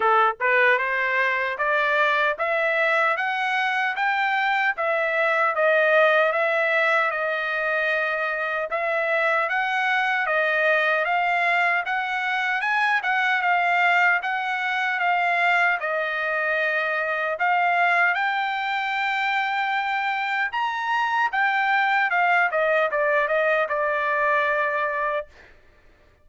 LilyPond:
\new Staff \with { instrumentName = "trumpet" } { \time 4/4 \tempo 4 = 76 a'8 b'8 c''4 d''4 e''4 | fis''4 g''4 e''4 dis''4 | e''4 dis''2 e''4 | fis''4 dis''4 f''4 fis''4 |
gis''8 fis''8 f''4 fis''4 f''4 | dis''2 f''4 g''4~ | g''2 ais''4 g''4 | f''8 dis''8 d''8 dis''8 d''2 | }